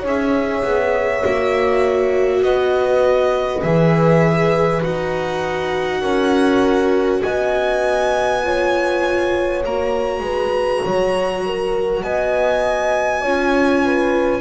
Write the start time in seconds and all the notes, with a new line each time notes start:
0.00 C#4 G#4 C#5
0.08 E5
0.64 B3
1.24 A#3 F#4
2.43 B3 B4 D#5
3.63 E3 G#4 E5
4.82 D#4 F#4 F#5
6.02 C#4 A#4
7.23 B3 D#5 G#5
8.43 F4 C#5
9.65 A#3 F#4 A#5
10.20 G#3 B4
10.85 F#3 C#5
11.46 A#4
12.03 B3 D#5 G#5
13.21 C#4 F4 C#5
13.85 B4